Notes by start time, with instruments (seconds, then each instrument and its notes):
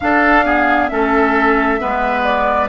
0.00 clarinet D4, bassoon D4, oboe A4, flute F5
0.45 clarinet B3, oboe G#4
0.88 bassoon A3, clarinet C#4, oboe A4, flute E5
1.79 bassoon G#3, clarinet B3, oboe B4
2.23 flute D5